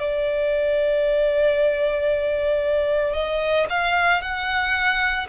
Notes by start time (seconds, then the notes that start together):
0.00 D5
3.13 D#5
3.70 F5
4.22 F#5